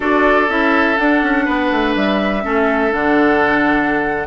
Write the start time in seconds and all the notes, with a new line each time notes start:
0.00 D4 F#4 A4 D5
0.48 C#4 E4 E5
0.96 D4 F#5
1.22 C#4
1.44 B3 B4
1.71 A3
1.95 G3 E5
2.42 A3 C#4 A4
2.90 D3 D4 F#5